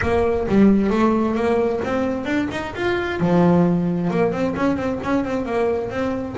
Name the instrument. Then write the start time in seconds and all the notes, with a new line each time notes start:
double bass
0.01 A#3
0.48 G3
0.90 A3
1.35 A#3
1.84 C4
2.25 D4
2.51 D#4
2.75 F4
3.19 F3
4.10 A#3
4.32 C4
4.56 C#4
4.76 C4
5.03 C#4
5.24 C4
5.45 A#3
5.90 C4